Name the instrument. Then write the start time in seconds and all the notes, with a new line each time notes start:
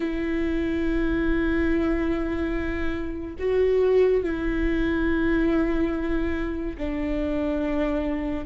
viola
0.00 E4
3.38 F#4
4.23 E4
6.77 D4